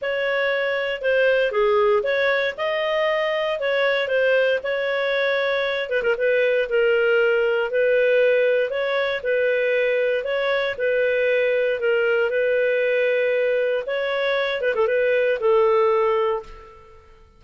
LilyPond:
\new Staff \with { instrumentName = "clarinet" } { \time 4/4 \tempo 4 = 117 cis''2 c''4 gis'4 | cis''4 dis''2 cis''4 | c''4 cis''2~ cis''8 b'16 ais'16 | b'4 ais'2 b'4~ |
b'4 cis''4 b'2 | cis''4 b'2 ais'4 | b'2. cis''4~ | cis''8 b'16 a'16 b'4 a'2 | }